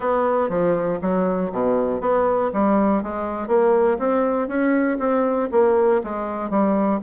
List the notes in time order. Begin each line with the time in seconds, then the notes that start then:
0.00 B3
0.49 F3
1.01 F#3
1.52 B2
2.00 B3
2.53 G3
3.02 G#3
3.47 A#3
3.98 C4
4.47 C#4
4.98 C4
5.51 A#3
6.03 G#3
6.50 G3